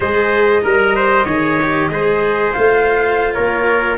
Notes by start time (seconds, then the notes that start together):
0.00 G#3 G#4 C5 D#5
0.62 G3 A#4
0.95 C5
1.25 D#3 G#4 C#5
1.61 G4
1.90 G#3 G#4 C5
2.52 A3 F4 F5
3.32 A#3 A#4 C#5